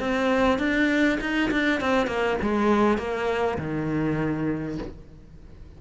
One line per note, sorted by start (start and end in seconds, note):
0.00 0.59 C4
0.59 1.19 D4
1.21 1.51 D#4
1.51 1.81 D4
1.81 2.07 C4
2.07 2.37 A#3
2.42 2.98 G#3
2.98 3.58 A#3
3.58 4.78 D#3